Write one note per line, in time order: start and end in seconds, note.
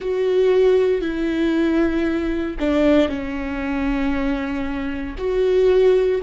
0.00 1.01 F#4
1.01 2.56 E4
2.59 3.08 D4
3.08 5.15 C#4
5.17 6.21 F#4